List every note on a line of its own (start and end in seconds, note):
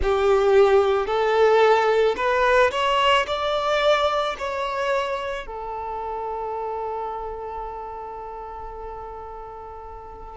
0.02 1.06 G4
1.06 2.15 A4
2.16 2.70 B4
2.71 3.25 C#5
3.27 4.36 D5
4.38 5.46 C#5
5.46 10.37 A4